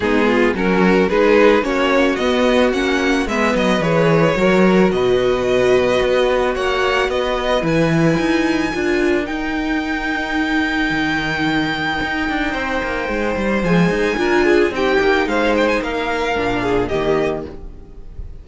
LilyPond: <<
  \new Staff \with { instrumentName = "violin" } { \time 4/4 \tempo 4 = 110 gis'4 ais'4 b'4 cis''4 | dis''4 fis''4 e''8 dis''8 cis''4~ | cis''4 dis''2. | fis''4 dis''4 gis''2~ |
gis''4 g''2.~ | g''1~ | g''4 gis''2 g''4 | f''8 g''16 gis''16 f''2 dis''4 | }
  \new Staff \with { instrumentName = "violin" } { \time 4/4 dis'8 f'8 fis'4 gis'4 fis'4~ | fis'2 b'2 | ais'4 b'2. | cis''4 b'2. |
ais'1~ | ais'2. c''4~ | c''2 ais'8 gis'8 g'4 | c''4 ais'4. gis'8 g'4 | }
  \new Staff \with { instrumentName = "viola" } { \time 4/4 b4 cis'4 dis'4 cis'4 | b4 cis'4 b4 gis'4 | fis'1~ | fis'2 e'2 |
f'4 dis'2.~ | dis'1~ | dis'4 gis4 f'4 dis'4~ | dis'2 d'4 ais4 | }
  \new Staff \with { instrumentName = "cello" } { \time 4/4 gis4 fis4 gis4 ais4 | b4 ais4 gis8 fis8 e4 | fis4 b,2 b4 | ais4 b4 e4 dis'4 |
d'4 dis'2. | dis2 dis'8 d'8 c'8 ais8 | gis8 g8 f8 dis'8 d'4 c'8 ais8 | gis4 ais4 ais,4 dis4 | }
>>